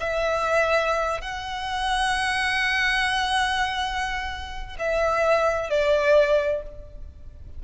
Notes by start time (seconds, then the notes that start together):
0.00 E5
1.21 F#5
4.79 E5
5.70 D5